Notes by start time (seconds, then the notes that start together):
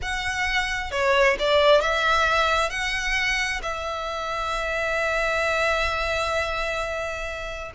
0.02 F#5
0.91 C#5
1.39 D5
1.81 E5
2.70 F#5
3.62 E5